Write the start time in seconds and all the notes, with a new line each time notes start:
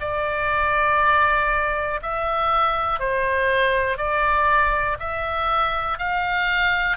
0.00 D5
2.02 E5
3.00 C5
3.98 D5
5.00 E5
5.99 F5